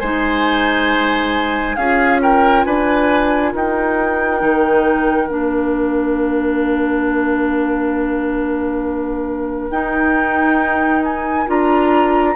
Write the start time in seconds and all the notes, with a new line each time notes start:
0.00 G#3 D#4 C5 G#5
1.76 C#4 F4 G#4 F5
2.22 A#4 G5
2.65 D4 B4 G#5
3.52 D#4 A#4 G5
4.40 D#3 D#4
5.29 A#3 D4 F5
9.71 D#4 G5
11.05 G#5
11.47 D4 F4 A#5